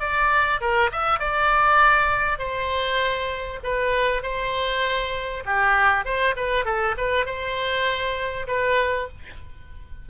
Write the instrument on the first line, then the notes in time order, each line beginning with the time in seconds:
oboe
0.00 D5
0.61 A#4
0.92 E5
1.20 D5
2.39 C5
3.64 B4
4.23 C5
5.45 G4
6.05 C5
6.36 B4
6.65 A4
6.98 B4
7.26 C5
8.48 B4